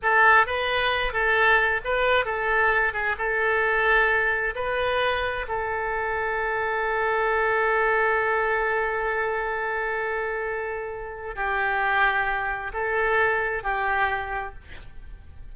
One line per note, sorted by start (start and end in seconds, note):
0.02 0.46 A4
0.46 1.12 B4
1.12 1.81 A4
1.84 2.25 B4
2.25 2.93 A4
2.93 3.15 G#4
3.18 4.54 A4
4.55 5.45 B4
5.48 11.35 A4
11.35 12.72 G4
12.73 13.63 A4
13.63 14.54 G4